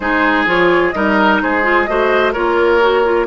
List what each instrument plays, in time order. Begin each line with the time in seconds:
0.00 bassoon G#3, clarinet D#4, oboe G#4, flute C5
0.46 bassoon F3, clarinet F4, flute C#5
0.91 bassoon G3, clarinet D#4, oboe A#4, flute D#5
1.42 bassoon G#3, oboe G#4, flute C5
1.63 clarinet F4
1.85 bassoon A3, clarinet F#4, oboe C5, flute D#5
2.32 bassoon A#3, clarinet F4, oboe A#4, flute C#5
2.81 clarinet F#4
3.04 clarinet F4